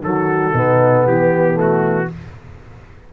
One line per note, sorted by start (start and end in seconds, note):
0.00 0.52 D#3
0.00 0.54 F#3
0.00 0.54 F#4
0.00 1.07 A4
0.53 1.05 B2
0.53 1.54 B3
0.53 1.06 D#4
1.05 2.09 E3
1.05 2.13 B3
1.05 1.59 G4
1.54 2.05 A3
1.60 2.12 F#4